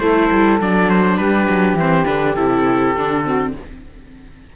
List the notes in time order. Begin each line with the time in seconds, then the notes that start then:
0.00 A3 E4 A4 C5
0.31 G3
0.61 F#3 D4 D5
0.90 C5
1.18 G3 G4 B4
1.50 F#3
1.75 E3 C4 C5
2.06 D3 D4 B4
2.36 C3 E4 A4
2.97 D3 D4
3.24 C4 F#4